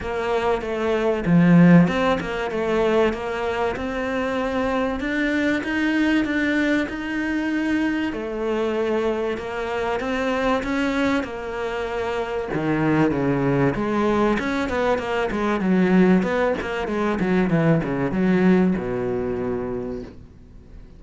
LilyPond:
\new Staff \with { instrumentName = "cello" } { \time 4/4 \tempo 4 = 96 ais4 a4 f4 c'8 ais8 | a4 ais4 c'2 | d'4 dis'4 d'4 dis'4~ | dis'4 a2 ais4 |
c'4 cis'4 ais2 | dis4 cis4 gis4 cis'8 b8 | ais8 gis8 fis4 b8 ais8 gis8 fis8 | e8 cis8 fis4 b,2 | }